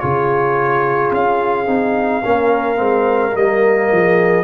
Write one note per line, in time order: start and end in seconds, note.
0.00 1.11 C#3
0.00 1.67 F4
0.00 2.25 G#4
0.00 1.11 C#5
1.11 1.67 C#4
1.11 3.36 F5
1.67 2.22 C4
1.67 2.22 D#4
2.25 2.79 A#3
2.25 2.76 C#4
2.25 3.91 A#4
2.76 3.34 G#3
2.76 3.32 C4
3.33 3.91 G3
3.33 4.44 A#3
3.33 4.44 D#5
3.92 4.44 F3
3.92 4.44 G#4